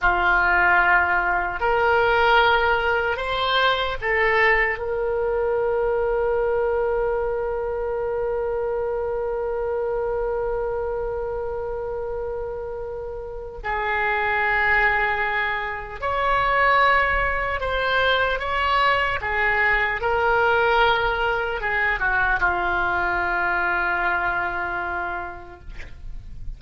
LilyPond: \new Staff \with { instrumentName = "oboe" } { \time 4/4 \tempo 4 = 75 f'2 ais'2 | c''4 a'4 ais'2~ | ais'1~ | ais'1~ |
ais'4 gis'2. | cis''2 c''4 cis''4 | gis'4 ais'2 gis'8 fis'8 | f'1 | }